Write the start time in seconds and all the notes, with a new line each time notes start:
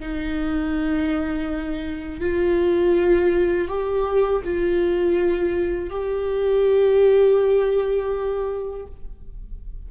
0.00 D#4
2.21 F4
3.69 G4
4.45 F4
5.90 G4